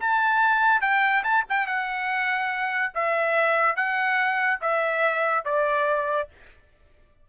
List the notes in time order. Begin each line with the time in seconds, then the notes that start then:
0.00 A5
0.81 G5
1.24 A5
1.49 G5
1.67 F#5
2.94 E5
3.76 F#5
4.61 E5
5.45 D5